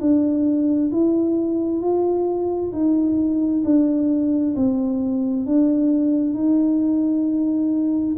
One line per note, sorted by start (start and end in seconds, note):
0.00 0.91 D4
0.91 1.81 E4
1.81 2.72 F4
2.72 3.63 D#4
3.64 4.55 D4
4.55 5.45 C4
5.45 6.34 D4
6.34 8.16 D#4